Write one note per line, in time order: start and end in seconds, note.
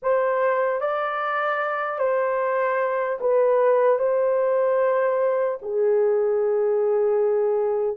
0.02 0.80 C5
0.80 1.99 D5
1.99 3.19 C5
3.20 3.99 B4
3.99 5.59 C5
5.62 7.97 G#4